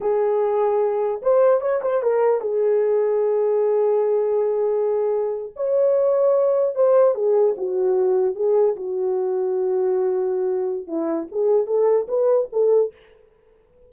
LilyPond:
\new Staff \with { instrumentName = "horn" } { \time 4/4 \tempo 4 = 149 gis'2. c''4 | cis''8 c''8 ais'4 gis'2~ | gis'1~ | gis'4.~ gis'16 cis''2~ cis''16~ |
cis''8. c''4 gis'4 fis'4~ fis'16~ | fis'8. gis'4 fis'2~ fis'16~ | fis'2. e'4 | gis'4 a'4 b'4 a'4 | }